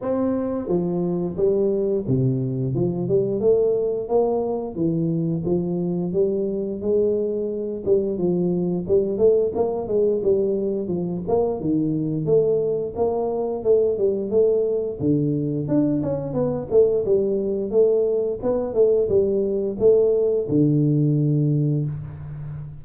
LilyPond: \new Staff \with { instrumentName = "tuba" } { \time 4/4 \tempo 4 = 88 c'4 f4 g4 c4 | f8 g8 a4 ais4 e4 | f4 g4 gis4. g8 | f4 g8 a8 ais8 gis8 g4 |
f8 ais8 dis4 a4 ais4 | a8 g8 a4 d4 d'8 cis'8 | b8 a8 g4 a4 b8 a8 | g4 a4 d2 | }